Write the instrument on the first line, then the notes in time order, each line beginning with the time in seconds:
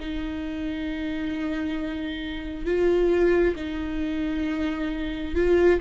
viola
0.00 D#4
2.65 F4
3.56 D#4
5.35 F4